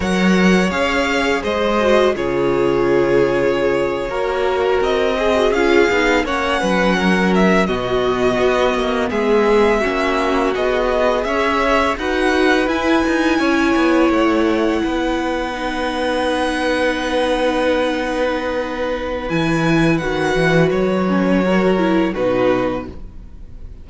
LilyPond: <<
  \new Staff \with { instrumentName = "violin" } { \time 4/4 \tempo 4 = 84 fis''4 f''4 dis''4 cis''4~ | cis''2~ cis''8. dis''4 f''16~ | f''8. fis''4. e''8 dis''4~ dis''16~ | dis''8. e''2 dis''4 e''16~ |
e''8. fis''4 gis''2 fis''16~ | fis''1~ | fis''2. gis''4 | fis''4 cis''2 b'4 | }
  \new Staff \with { instrumentName = "violin" } { \time 4/4 cis''2 c''4 gis'4~ | gis'4.~ gis'16 ais'4. gis'8.~ | gis'8. cis''8 b'8 ais'4 fis'4~ fis'16~ | fis'8. gis'4 fis'2 cis''16~ |
cis''8. b'2 cis''4~ cis''16~ | cis''8. b'2.~ b'16~ | b'1~ | b'2 ais'4 fis'4 | }
  \new Staff \with { instrumentName = "viola" } { \time 4/4 ais'4 gis'4. fis'8 f'4~ | f'4.~ f'16 fis'4. gis'16 fis'16 f'16~ | f'16 dis'8 cis'2 b4~ b16~ | b4.~ b16 cis'4 gis'4~ gis'16~ |
gis'8. fis'4 e'2~ e'16~ | e'4.~ e'16 dis'2~ dis'16~ | dis'2. e'4 | fis'4. cis'8 fis'8 e'8 dis'4 | }
  \new Staff \with { instrumentName = "cello" } { \time 4/4 fis4 cis'4 gis4 cis4~ | cis4.~ cis16 ais4 c'4 cis'16~ | cis'16 b8 ais8 fis4. b,4 b16~ | b16 ais8 gis4 ais4 b4 cis'16~ |
cis'8. dis'4 e'8 dis'8 cis'8 b8 a16~ | a8. b2.~ b16~ | b2. e4 | dis8 e8 fis2 b,4 | }
>>